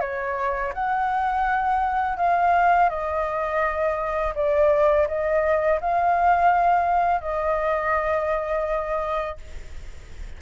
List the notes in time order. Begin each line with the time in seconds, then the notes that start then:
0.00 C#5
0.74 F#5
2.17 F5
2.89 D#5
4.35 D5
5.07 D#5
5.80 F5
7.21 D#5